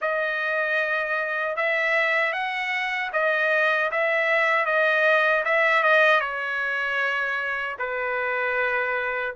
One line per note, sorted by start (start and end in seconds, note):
0.01 1.56 D#5
1.56 2.32 E5
2.32 3.10 F#5
3.12 3.90 D#5
3.91 4.65 E5
4.65 5.43 D#5
5.44 5.83 E5
5.83 6.20 D#5
6.20 7.76 C#5
7.79 9.34 B4